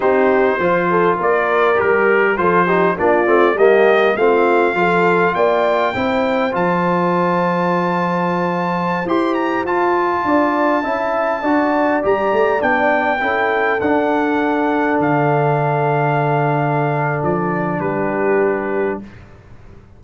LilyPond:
<<
  \new Staff \with { instrumentName = "trumpet" } { \time 4/4 \tempo 4 = 101 c''2 d''4 ais'4 | c''4 d''4 dis''4 f''4~ | f''4 g''2 a''4~ | a''2.~ a''16 c'''8 ais''16~ |
ais''16 a''2.~ a''8.~ | a''16 ais''4 g''2 fis''8.~ | fis''4~ fis''16 f''2~ f''8.~ | f''4 d''4 b'2 | }
  \new Staff \with { instrumentName = "horn" } { \time 4/4 g'4 c''8 a'8 ais'2 | a'8 g'8 f'4 g'4 f'4 | a'4 d''4 c''2~ | c''1~ |
c''4~ c''16 d''4 e''4 d''8.~ | d''2~ d''16 a'4.~ a'16~ | a'1~ | a'2 g'2 | }
  \new Staff \with { instrumentName = "trombone" } { \time 4/4 dis'4 f'2 g'4 | f'8 dis'8 d'8 c'8 ais4 c'4 | f'2 e'4 f'4~ | f'2.~ f'16 g'8.~ |
g'16 f'2 e'4 fis'8.~ | fis'16 g'4 d'4 e'4 d'8.~ | d'1~ | d'1 | }
  \new Staff \with { instrumentName = "tuba" } { \time 4/4 c'4 f4 ais4 g4 | f4 ais8 a8 g4 a4 | f4 ais4 c'4 f4~ | f2.~ f16 e'8.~ |
e'16 f'4 d'4 cis'4 d'8.~ | d'16 g8 a8 b4 cis'4 d'8.~ | d'4~ d'16 d2~ d8.~ | d4 f4 g2 | }
>>